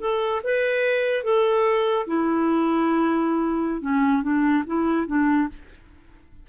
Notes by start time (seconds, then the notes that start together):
0.00 A4
0.43 B4
1.23 A4
2.07 E4
3.81 C#4
4.22 D4
4.66 E4
5.07 D4